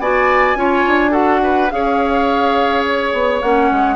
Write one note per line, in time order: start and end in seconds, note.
0.00 0.56 B3
0.00 0.57 F#4
0.00 0.58 D5
0.00 1.13 G#5
0.56 0.84 C#4
0.56 1.11 F4
0.56 1.11 C#5
0.87 1.72 D4
1.11 1.68 F#4
1.11 1.40 A4
1.11 1.70 F#5
1.43 1.72 B4
1.70 3.13 C#4
1.70 3.43 G#4
1.70 3.97 C#5
1.70 2.84 F5
2.86 3.42 C#5
3.13 3.42 B3
3.42 3.71 A#3
3.42 3.97 C#4
3.42 3.97 F#5
3.72 3.97 G#3